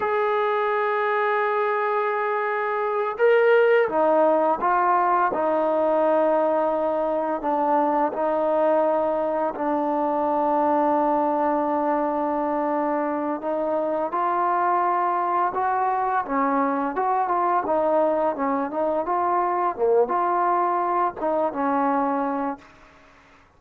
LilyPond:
\new Staff \with { instrumentName = "trombone" } { \time 4/4 \tempo 4 = 85 gis'1~ | gis'8 ais'4 dis'4 f'4 dis'8~ | dis'2~ dis'8 d'4 dis'8~ | dis'4. d'2~ d'8~ |
d'2. dis'4 | f'2 fis'4 cis'4 | fis'8 f'8 dis'4 cis'8 dis'8 f'4 | ais8 f'4. dis'8 cis'4. | }